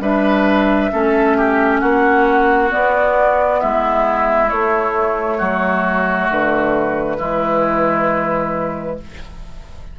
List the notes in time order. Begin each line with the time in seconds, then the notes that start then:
0.00 G3 D4 B4 E5
0.92 A3 C#4 A4
1.37 G4
1.79 A#3 F#4 F#5
2.70 B3 D5
3.60 G#3 E4 E5
4.49 A3 C#5
5.38 F#3 F#4
6.30 D3 B4
7.18 E3 G#3 E4